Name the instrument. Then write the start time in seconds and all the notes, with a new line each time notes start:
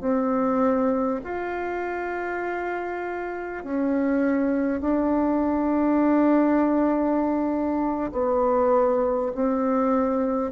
bassoon
0.00 C4
1.24 F4
3.64 C#4
4.81 D4
8.12 B3
9.34 C4